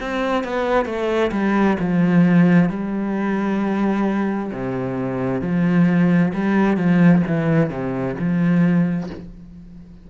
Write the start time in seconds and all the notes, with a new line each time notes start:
0.00 C4
0.44 B3
0.86 A3
1.31 G3
1.79 F3
2.69 G3
4.52 C3
5.42 F3
6.34 G3
6.77 F3
7.27 E3
7.70 C3
8.19 F3